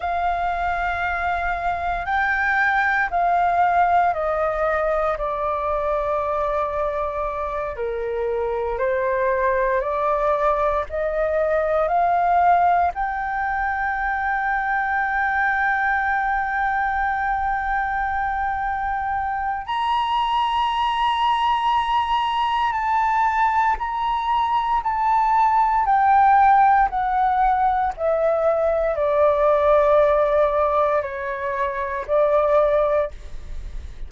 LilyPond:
\new Staff \with { instrumentName = "flute" } { \time 4/4 \tempo 4 = 58 f''2 g''4 f''4 | dis''4 d''2~ d''8 ais'8~ | ais'8 c''4 d''4 dis''4 f''8~ | f''8 g''2.~ g''8~ |
g''2. ais''4~ | ais''2 a''4 ais''4 | a''4 g''4 fis''4 e''4 | d''2 cis''4 d''4 | }